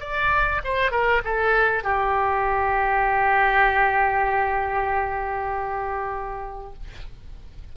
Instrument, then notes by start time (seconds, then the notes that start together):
oboe
0.00 D5
0.64 C5
0.91 A#4
1.25 A4
1.84 G4